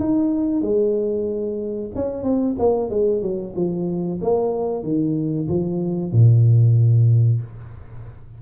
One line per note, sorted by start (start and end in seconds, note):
0.00 0.62 D#4
0.62 1.91 G#3
1.96 2.23 C#4
2.23 2.55 C4
2.59 2.90 A#3
2.90 3.22 G#3
3.22 3.54 F#3
3.56 4.20 F3
4.22 4.84 A#3
4.84 5.48 D#3
5.48 6.12 F3
6.12 7.41 A#2